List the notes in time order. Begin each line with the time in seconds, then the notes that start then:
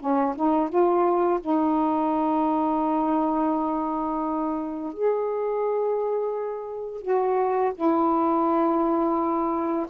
0.00 C#4
0.36 D#4
0.69 F4
1.41 D#4
4.93 G#4
7.02 F#4
7.75 E4